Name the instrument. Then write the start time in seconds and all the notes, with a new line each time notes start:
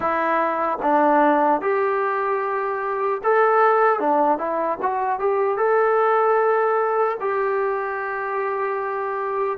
trombone
0.00 E4
0.82 D4
1.61 G4
3.23 A4
3.99 D4
4.37 E4
4.81 F#4
5.19 G4
5.57 A4
7.20 G4